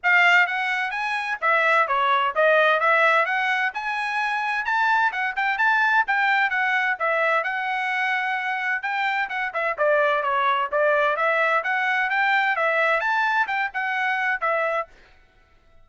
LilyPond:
\new Staff \with { instrumentName = "trumpet" } { \time 4/4 \tempo 4 = 129 f''4 fis''4 gis''4 e''4 | cis''4 dis''4 e''4 fis''4 | gis''2 a''4 fis''8 g''8 | a''4 g''4 fis''4 e''4 |
fis''2. g''4 | fis''8 e''8 d''4 cis''4 d''4 | e''4 fis''4 g''4 e''4 | a''4 g''8 fis''4. e''4 | }